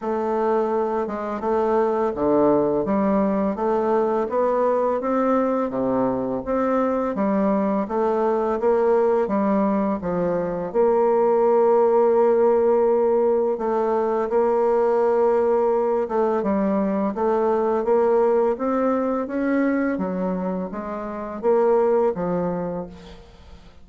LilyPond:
\new Staff \with { instrumentName = "bassoon" } { \time 4/4 \tempo 4 = 84 a4. gis8 a4 d4 | g4 a4 b4 c'4 | c4 c'4 g4 a4 | ais4 g4 f4 ais4~ |
ais2. a4 | ais2~ ais8 a8 g4 | a4 ais4 c'4 cis'4 | fis4 gis4 ais4 f4 | }